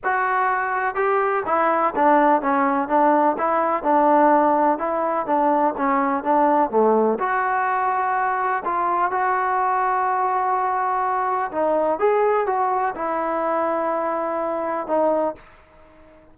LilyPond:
\new Staff \with { instrumentName = "trombone" } { \time 4/4 \tempo 4 = 125 fis'2 g'4 e'4 | d'4 cis'4 d'4 e'4 | d'2 e'4 d'4 | cis'4 d'4 a4 fis'4~ |
fis'2 f'4 fis'4~ | fis'1 | dis'4 gis'4 fis'4 e'4~ | e'2. dis'4 | }